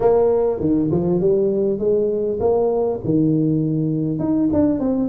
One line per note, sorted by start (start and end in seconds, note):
0.00 0.60 A#3
0.60 0.90 D#3
0.91 1.20 F3
1.20 1.78 G3
1.78 2.38 G#3
2.40 3.00 A#3
3.04 4.19 D#3
4.19 4.49 D#4
4.52 4.79 D4
4.79 5.09 C4